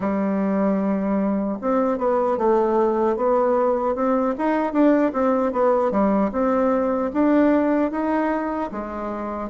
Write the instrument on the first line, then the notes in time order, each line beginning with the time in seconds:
bassoon
0.00 G3
1.61 C4
1.97 B3
2.37 A3
3.16 B3
3.95 C4
4.37 D#4
4.72 D4
5.12 C4
5.52 B3
5.91 G3
6.32 C4
7.13 D4
7.91 D#4
8.71 G#3